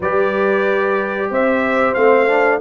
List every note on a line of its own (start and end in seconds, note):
0.00 1.29 G3
0.00 1.97 G4
0.00 1.30 B4
0.00 1.32 D5
1.29 1.95 C4
1.29 2.60 C5
1.29 1.94 E5
1.94 2.60 A3
1.94 2.28 C4
1.94 2.59 F5
2.28 2.60 D4